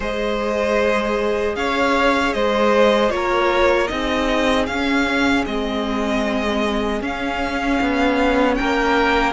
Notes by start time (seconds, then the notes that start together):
0.00 G#3 G#4 C5 D#5
1.55 C#4 C#5 F5
2.33 G#3 C5 D#5
3.09 A#3 F4 C#5
3.15 A#4
3.87 C4 D#4 G#4 D#5
4.66 C#4 F5
5.45 G#3 C4 D#5
7.01 C#4 F5
7.81 B3
8.54 A#4 G5
8.61 A#3